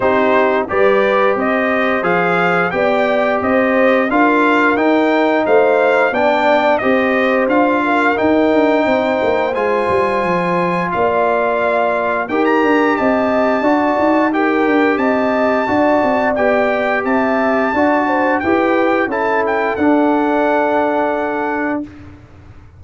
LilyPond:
<<
  \new Staff \with { instrumentName = "trumpet" } { \time 4/4 \tempo 4 = 88 c''4 d''4 dis''4 f''4 | g''4 dis''4 f''4 g''4 | f''4 g''4 dis''4 f''4 | g''2 gis''2 |
f''2 g''16 ais''8. a''4~ | a''4 g''4 a''2 | g''4 a''2 g''4 | a''8 g''8 fis''2. | }
  \new Staff \with { instrumentName = "horn" } { \time 4/4 g'4 b'4 c''2 | d''4 c''4 ais'2 | c''4 d''4 c''4. ais'8~ | ais'4 c''2. |
d''2 ais'4 dis''4 | d''4 ais'4 dis''4 d''4~ | d''4 e''4 d''8 c''8 b'4 | a'1 | }
  \new Staff \with { instrumentName = "trombone" } { \time 4/4 dis'4 g'2 gis'4 | g'2 f'4 dis'4~ | dis'4 d'4 g'4 f'4 | dis'2 f'2~ |
f'2 g'2 | fis'4 g'2 fis'4 | g'2 fis'4 g'4 | e'4 d'2. | }
  \new Staff \with { instrumentName = "tuba" } { \time 4/4 c'4 g4 c'4 f4 | b4 c'4 d'4 dis'4 | a4 b4 c'4 d'4 | dis'8 d'8 c'8 ais8 gis8 g8 f4 |
ais2 dis'8 d'8 c'4 | d'8 dis'4 d'8 c'4 d'8 c'8 | b4 c'4 d'4 e'4 | cis'4 d'2. | }
>>